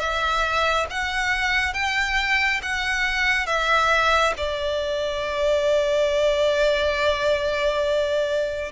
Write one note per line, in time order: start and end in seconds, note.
0.00 0.87 E5
0.90 1.74 F#5
1.74 2.61 G5
2.62 3.47 F#5
3.47 4.34 E5
4.38 8.72 D5